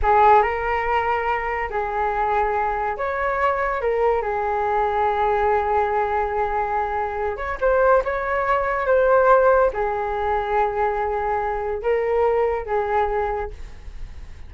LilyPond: \new Staff \with { instrumentName = "flute" } { \time 4/4 \tempo 4 = 142 gis'4 ais'2. | gis'2. cis''4~ | cis''4 ais'4 gis'2~ | gis'1~ |
gis'4. cis''8 c''4 cis''4~ | cis''4 c''2 gis'4~ | gis'1 | ais'2 gis'2 | }